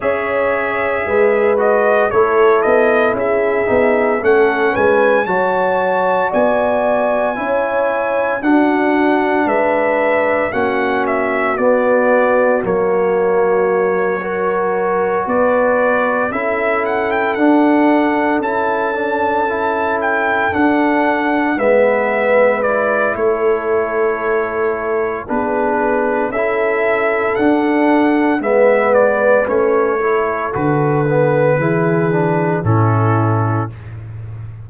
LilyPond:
<<
  \new Staff \with { instrumentName = "trumpet" } { \time 4/4 \tempo 4 = 57 e''4. dis''8 cis''8 dis''8 e''4 | fis''8 gis''8 a''4 gis''2 | fis''4 e''4 fis''8 e''8 d''4 | cis''2~ cis''8 d''4 e''8 |
fis''16 g''16 fis''4 a''4. g''8 fis''8~ | fis''8 e''4 d''8 cis''2 | b'4 e''4 fis''4 e''8 d''8 | cis''4 b'2 a'4 | }
  \new Staff \with { instrumentName = "horn" } { \time 4/4 cis''4 b'4 a'4 gis'4 | a'8 b'8 cis''4 d''4 cis''4 | fis'4 b'4 fis'2~ | fis'4. ais'4 b'4 a'8~ |
a'1~ | a'8 b'4. a'2 | gis'4 a'2 b'4~ | b'8 a'4. gis'4 e'4 | }
  \new Staff \with { instrumentName = "trombone" } { \time 4/4 gis'4. fis'8 e'4. dis'8 | cis'4 fis'2 e'4 | d'2 cis'4 b4 | ais4. fis'2 e'8~ |
e'8 d'4 e'8 d'8 e'4 d'8~ | d'8 b4 e'2~ e'8 | d'4 e'4 d'4 b4 | cis'8 e'8 fis'8 b8 e'8 d'8 cis'4 | }
  \new Staff \with { instrumentName = "tuba" } { \time 4/4 cis'4 gis4 a8 b8 cis'8 b8 | a8 gis8 fis4 b4 cis'4 | d'4 gis4 ais4 b4 | fis2~ fis8 b4 cis'8~ |
cis'8 d'4 cis'2 d'8~ | d'8 gis4. a2 | b4 cis'4 d'4 gis4 | a4 d4 e4 a,4 | }
>>